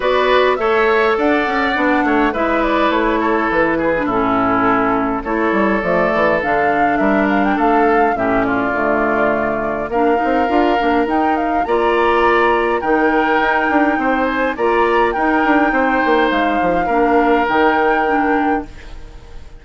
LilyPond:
<<
  \new Staff \with { instrumentName = "flute" } { \time 4/4 \tempo 4 = 103 d''4 e''4 fis''2 | e''8 d''8 cis''4 b'4 a'4~ | a'4 cis''4 d''4 f''4 | e''8 f''16 g''16 f''4 e''8 d''4.~ |
d''4 f''2 g''8 f''8 | ais''2 g''2~ | g''8 gis''8 ais''4 g''2 | f''2 g''2 | }
  \new Staff \with { instrumentName = "oboe" } { \time 4/4 b'4 cis''4 d''4. cis''8 | b'4. a'4 gis'8 e'4~ | e'4 a'2. | ais'4 a'4 g'8 f'4.~ |
f'4 ais'2. | d''2 ais'2 | c''4 d''4 ais'4 c''4~ | c''4 ais'2. | }
  \new Staff \with { instrumentName = "clarinet" } { \time 4/4 fis'4 a'2 d'4 | e'2~ e'8. d'16 cis'4~ | cis'4 e'4 a4 d'4~ | d'2 cis'4 a4~ |
a4 d'8 dis'8 f'8 d'8 dis'4 | f'2 dis'2~ | dis'4 f'4 dis'2~ | dis'4 d'4 dis'4 d'4 | }
  \new Staff \with { instrumentName = "bassoon" } { \time 4/4 b4 a4 d'8 cis'8 b8 a8 | gis4 a4 e4 a,4~ | a,4 a8 g8 f8 e8 d4 | g4 a4 a,4 d4~ |
d4 ais8 c'8 d'8 ais8 dis'4 | ais2 dis4 dis'8 d'8 | c'4 ais4 dis'8 d'8 c'8 ais8 | gis8 f8 ais4 dis2 | }
>>